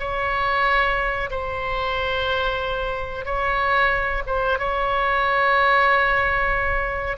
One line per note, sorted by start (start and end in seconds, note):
0.00 1.30 C#5
1.31 3.25 C5
3.25 4.23 C#5
4.27 4.59 C5
4.59 7.18 C#5